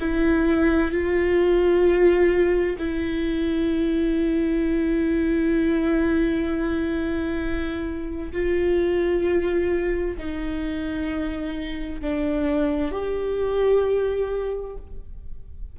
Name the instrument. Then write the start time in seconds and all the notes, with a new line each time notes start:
viola
0.00 E4
0.91 F4
2.78 E4
8.32 F4
10.17 D#4
12.01 D4
12.91 G4